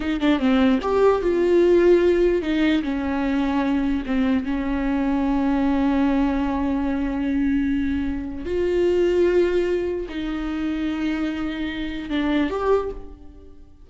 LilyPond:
\new Staff \with { instrumentName = "viola" } { \time 4/4 \tempo 4 = 149 dis'8 d'8 c'4 g'4 f'4~ | f'2 dis'4 cis'4~ | cis'2 c'4 cis'4~ | cis'1~ |
cis'1~ | cis'4 f'2.~ | f'4 dis'2.~ | dis'2 d'4 g'4 | }